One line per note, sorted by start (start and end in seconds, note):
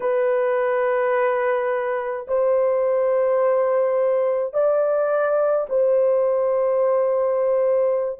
0.00 2.26 B4
2.27 4.53 C5
4.53 5.66 D5
5.69 8.20 C5